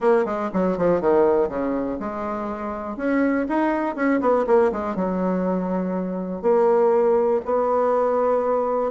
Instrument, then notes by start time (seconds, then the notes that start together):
bassoon
0.00 A#3
0.25 G#3
0.53 F#3
0.77 F3
1.00 D#3
1.48 C#3
1.99 G#3
2.96 C#4
3.48 D#4
3.95 C#4
4.20 B3
4.46 A#3
4.72 G#3
4.95 F#3
6.41 A#3
7.45 B3